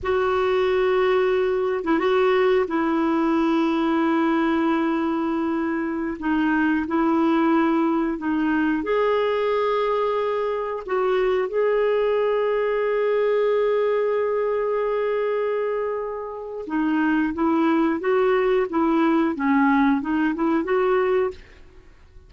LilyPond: \new Staff \with { instrumentName = "clarinet" } { \time 4/4 \tempo 4 = 90 fis'2~ fis'8. e'16 fis'4 | e'1~ | e'4~ e'16 dis'4 e'4.~ e'16~ | e'16 dis'4 gis'2~ gis'8.~ |
gis'16 fis'4 gis'2~ gis'8.~ | gis'1~ | gis'4 dis'4 e'4 fis'4 | e'4 cis'4 dis'8 e'8 fis'4 | }